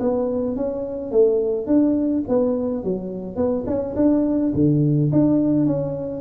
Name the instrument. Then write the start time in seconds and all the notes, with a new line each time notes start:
tuba
0.00 B3
0.56 C#4
1.11 A3
1.67 D4
2.28 B3
2.84 F#3
3.36 B3
3.66 C#4
3.96 D4
4.54 D3
5.12 D4
5.66 C#4